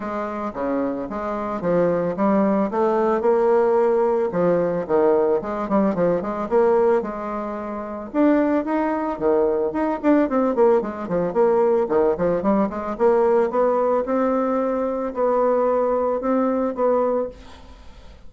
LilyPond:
\new Staff \with { instrumentName = "bassoon" } { \time 4/4 \tempo 4 = 111 gis4 cis4 gis4 f4 | g4 a4 ais2 | f4 dis4 gis8 g8 f8 gis8 | ais4 gis2 d'4 |
dis'4 dis4 dis'8 d'8 c'8 ais8 | gis8 f8 ais4 dis8 f8 g8 gis8 | ais4 b4 c'2 | b2 c'4 b4 | }